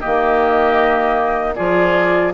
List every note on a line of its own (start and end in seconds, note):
0.00 1.59 D#3
0.00 1.56 A#3
0.00 1.54 G4
0.00 1.54 D#5
1.55 2.33 F3
1.55 2.33 F4
1.55 2.33 G#4
1.55 2.32 D5